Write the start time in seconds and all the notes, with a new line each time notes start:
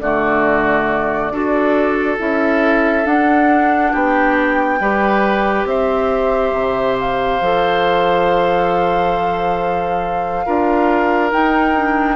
0.00 D3 A3 F#4 D5
1.31 D4 F#4 A4
2.18 C#4 E4 E5
3.05 D4 F#5
3.92 B3 G4 G5
4.80 G3 G4 B4
5.65 C4 C5 E5
6.53 C3
6.99 F5
7.41 F3 A4
10.46 D4 F4 A#4
11.31 D#4 G5
11.75 D4